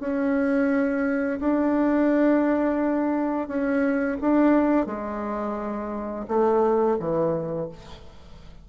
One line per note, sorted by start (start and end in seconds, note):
0.00 1.40 C#4
1.40 3.48 D4
3.48 4.18 C#4
4.21 4.86 D4
4.86 6.26 G#3
6.28 6.98 A3
6.99 7.69 E3